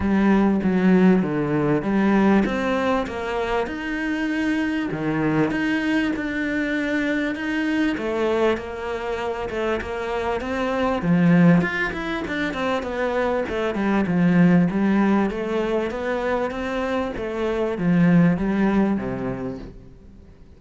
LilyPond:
\new Staff \with { instrumentName = "cello" } { \time 4/4 \tempo 4 = 98 g4 fis4 d4 g4 | c'4 ais4 dis'2 | dis4 dis'4 d'2 | dis'4 a4 ais4. a8 |
ais4 c'4 f4 f'8 e'8 | d'8 c'8 b4 a8 g8 f4 | g4 a4 b4 c'4 | a4 f4 g4 c4 | }